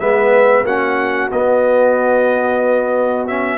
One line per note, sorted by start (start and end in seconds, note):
0.00 0.63 G#3
0.00 0.65 B3
0.00 0.65 B4
0.00 0.65 E5
0.63 1.28 A#3
0.63 1.31 C#4
0.63 3.58 F#4
0.63 1.31 F#5
1.31 3.58 B3
1.31 3.28 B3
1.31 3.27 D#5
3.27 3.58 C#4
3.27 3.58 E5